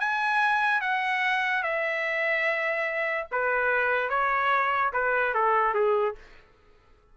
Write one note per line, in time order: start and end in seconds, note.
0.00 0.81 G#5
0.81 1.63 F#5
1.63 3.28 E5
3.32 4.10 B4
4.10 4.92 C#5
4.93 5.34 B4
5.34 5.74 A4
5.74 6.16 G#4